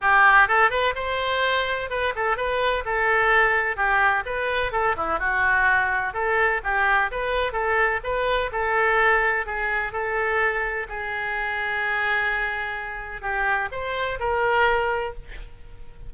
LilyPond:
\new Staff \with { instrumentName = "oboe" } { \time 4/4 \tempo 4 = 127 g'4 a'8 b'8 c''2 | b'8 a'8 b'4 a'2 | g'4 b'4 a'8 e'8 fis'4~ | fis'4 a'4 g'4 b'4 |
a'4 b'4 a'2 | gis'4 a'2 gis'4~ | gis'1 | g'4 c''4 ais'2 | }